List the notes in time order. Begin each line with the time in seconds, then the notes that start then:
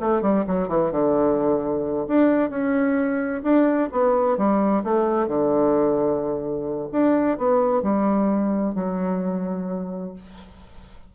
0.00 A3
0.22 G3
0.47 F#3
0.68 E3
0.91 D3
2.08 D4
2.50 C#4
3.43 D4
3.92 B3
4.37 G3
4.84 A3
5.27 D3
6.92 D4
7.37 B3
7.82 G3
8.75 F#3